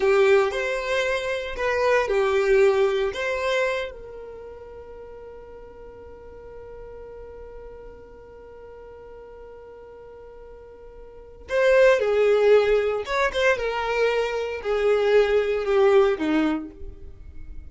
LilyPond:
\new Staff \with { instrumentName = "violin" } { \time 4/4 \tempo 4 = 115 g'4 c''2 b'4 | g'2 c''4. ais'8~ | ais'1~ | ais'1~ |
ais'1~ | ais'2 c''4 gis'4~ | gis'4 cis''8 c''8 ais'2 | gis'2 g'4 dis'4 | }